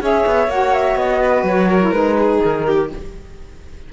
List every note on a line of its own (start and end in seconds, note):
0.00 0.25 C#4
0.00 0.48 G#4
0.00 1.22 C#5
0.00 0.50 E5
0.26 0.48 B3
0.48 0.95 A#3
0.48 1.81 F#4
0.48 0.74 F#5
0.74 0.97 E5
0.95 1.43 B3
0.95 1.45 D#5
1.23 1.68 B4
1.43 1.91 F#3
1.43 1.92 C#5
1.68 2.16 A#4
1.81 1.92 E4
1.91 2.39 G#3
1.91 2.88 D#4
1.91 2.40 B4
2.18 2.66 G#4
2.44 2.93 D#3
2.44 2.92 A#4
2.66 2.90 G4